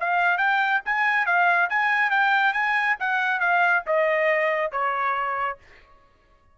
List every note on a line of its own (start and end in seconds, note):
0.00 0.38 F5
0.38 0.81 G5
0.85 1.26 G#5
1.26 1.69 F5
1.69 2.10 G#5
2.10 2.53 G5
2.53 2.96 G#5
2.99 3.40 F#5
3.40 3.83 F5
3.86 4.72 D#5
4.72 5.58 C#5